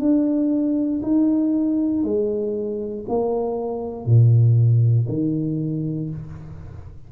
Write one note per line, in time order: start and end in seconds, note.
0.00 1.02 D4
1.03 2.04 D#4
2.04 3.06 G#3
3.09 4.06 A#3
4.06 5.08 A#2
5.09 6.11 D#3